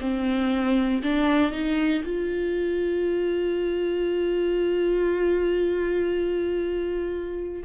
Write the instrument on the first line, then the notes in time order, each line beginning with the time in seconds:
viola
0.00 C4
1.03 D4
1.51 D#4
2.04 F4